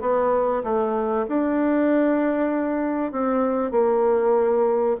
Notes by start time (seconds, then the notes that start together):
0.00 B3
0.63 A3
1.28 D4
3.12 C4
3.71 A#3